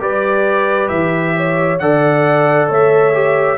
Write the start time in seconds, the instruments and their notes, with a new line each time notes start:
0.00 tuba G3, trombone G4, horn B4, trumpet D5
0.88 tuba E3, trumpet E5
1.37 horn C#5
1.79 tuba D3, trombone A4, horn D5, trumpet F#5
2.69 tuba A3, horn C#5, trumpet E5
3.14 trombone G4